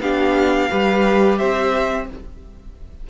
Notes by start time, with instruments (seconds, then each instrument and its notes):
0.00 cello B3, viola D4, violin G4 F5
0.70 cello G3, viola G4, violin B4
1.38 cello C4, violin C5 E5